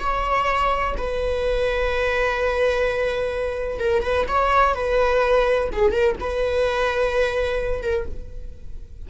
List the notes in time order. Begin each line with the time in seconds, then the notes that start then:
0.00 C#5
0.97 B4
3.79 A#4
4.03 B4
4.28 C#5
4.74 B4
5.73 G#4
5.92 A#4
6.20 B4
7.82 A#4